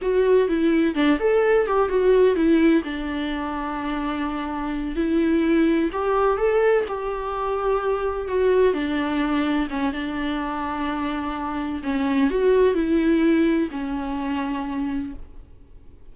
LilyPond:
\new Staff \with { instrumentName = "viola" } { \time 4/4 \tempo 4 = 127 fis'4 e'4 d'8 a'4 g'8 | fis'4 e'4 d'2~ | d'2~ d'8 e'4.~ | e'8 g'4 a'4 g'4.~ |
g'4. fis'4 d'4.~ | d'8 cis'8 d'2.~ | d'4 cis'4 fis'4 e'4~ | e'4 cis'2. | }